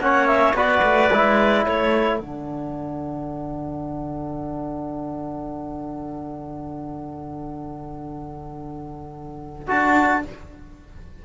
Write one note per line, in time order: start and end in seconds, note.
0.00 0.53 A#3
0.00 0.55 C#4
0.00 0.56 C#5
0.00 0.27 F#5
0.27 0.54 E5
0.53 0.81 B3
0.53 1.11 F#4
0.53 1.64 B4
0.53 1.65 D5
0.82 1.10 A3
1.12 1.66 G#3
1.12 2.21 E4
1.64 2.19 A3
1.64 10.24 A4
1.64 2.19 C#5
2.19 9.69 D3
2.19 9.67 D4
2.19 9.69 F#5
9.67 10.25 D4
9.67 10.22 F#4
9.67 10.23 A5